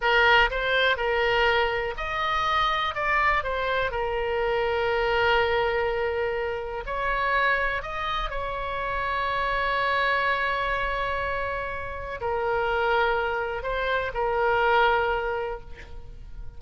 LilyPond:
\new Staff \with { instrumentName = "oboe" } { \time 4/4 \tempo 4 = 123 ais'4 c''4 ais'2 | dis''2 d''4 c''4 | ais'1~ | ais'2 cis''2 |
dis''4 cis''2.~ | cis''1~ | cis''4 ais'2. | c''4 ais'2. | }